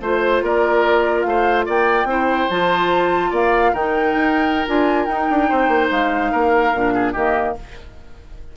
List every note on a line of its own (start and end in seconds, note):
0.00 0.41 A3
0.00 2.08 F4
0.00 0.43 C5
0.00 0.44 C5
0.42 1.24 A#3
0.42 1.26 A#4
0.42 1.22 D5
1.22 1.66 A3
1.22 1.63 F5
1.28 1.65 C5
1.65 2.04 A#3
1.65 2.07 D5
1.65 2.50 G5
2.04 2.45 C4
2.04 2.49 E4
2.04 3.30 C5
2.49 3.31 F3
2.49 3.74 F4
2.49 3.32 A5
3.30 3.72 A#3
3.30 3.72 D5
3.30 3.74 F5
3.72 4.14 D#3
3.72 4.66 D#4
3.72 5.48 A#4
3.72 4.67 G5
4.14 4.66 D#4
4.66 5.07 D4
4.66 5.07 F4
4.66 5.05 G#5
5.05 5.28 D#4
5.05 6.73 D#4
5.05 5.88 G5
5.30 5.50 D4
5.48 5.68 C4
5.48 6.31 C5
5.68 5.88 A#3
5.91 6.32 G#3
5.91 7.14 F5
6.31 6.73 A#3
6.31 6.93 A#4
6.73 7.14 A#2
6.73 7.15 D4
6.93 7.12 G#4
7.12 7.56 D#3
7.12 7.56 A#3
7.12 7.53 G4
7.12 7.55 D#5